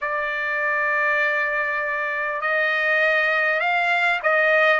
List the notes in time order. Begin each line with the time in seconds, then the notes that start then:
0.01 D5
2.41 D#5
3.59 F5
4.23 D#5